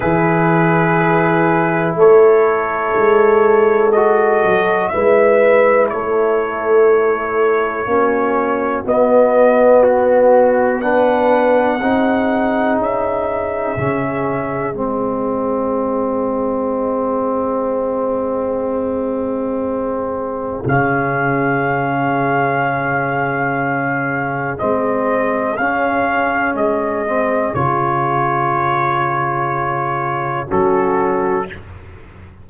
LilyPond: <<
  \new Staff \with { instrumentName = "trumpet" } { \time 4/4 \tempo 4 = 61 b'2 cis''2 | dis''4 e''4 cis''2~ | cis''4 dis''4 fis'4 fis''4~ | fis''4 e''2 dis''4~ |
dis''1~ | dis''4 f''2.~ | f''4 dis''4 f''4 dis''4 | cis''2. a'4 | }
  \new Staff \with { instrumentName = "horn" } { \time 4/4 gis'2 a'2~ | a'4 b'4 a'2 | fis'2. b'4 | gis'1~ |
gis'1~ | gis'1~ | gis'1~ | gis'2. fis'4 | }
  \new Staff \with { instrumentName = "trombone" } { \time 4/4 e'1 | fis'4 e'2. | cis'4 b2 d'4 | dis'2 cis'4 c'4~ |
c'1~ | c'4 cis'2.~ | cis'4 c'4 cis'4. c'8 | f'2. cis'4 | }
  \new Staff \with { instrumentName = "tuba" } { \time 4/4 e2 a4 gis4~ | gis8 fis8 gis4 a2 | ais4 b2. | c'4 cis'4 cis4 gis4~ |
gis1~ | gis4 cis2.~ | cis4 gis4 cis'4 gis4 | cis2. fis4 | }
>>